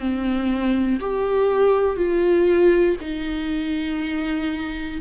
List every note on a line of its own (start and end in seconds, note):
0.00 1.00 C4
1.00 1.96 G4
1.96 2.96 F4
3.00 5.00 D#4